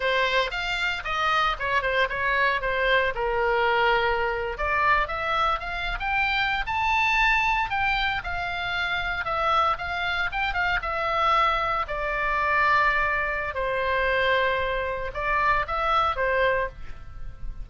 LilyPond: \new Staff \with { instrumentName = "oboe" } { \time 4/4 \tempo 4 = 115 c''4 f''4 dis''4 cis''8 c''8 | cis''4 c''4 ais'2~ | ais'8. d''4 e''4 f''8. g''8~ | g''8. a''2 g''4 f''16~ |
f''4.~ f''16 e''4 f''4 g''16~ | g''16 f''8 e''2 d''4~ d''16~ | d''2 c''2~ | c''4 d''4 e''4 c''4 | }